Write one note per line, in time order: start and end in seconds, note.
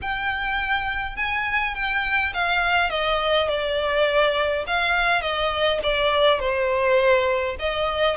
0.01 1.16 G5
1.16 1.74 G#5
1.74 2.33 G5
2.33 2.90 F5
2.90 3.48 D#5
3.48 4.65 D5
4.67 5.21 F5
5.21 5.79 D#5
5.83 6.39 D5
6.39 7.56 C5
7.59 8.16 D#5